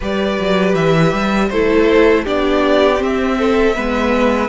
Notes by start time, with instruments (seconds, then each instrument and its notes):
0.00 cello G3, viola G4, violin B4 D5
0.39 cello F#3
0.74 cello E3, violin E5
1.12 cello G3
1.49 cello A3, viola E4, violin A4 C5
2.23 cello B3, viola D4, violin G4 D5
2.96 viola C4, cello C4
3.03 violin E5
3.38 violin A4
3.75 cello G#3, viola B3, violin B4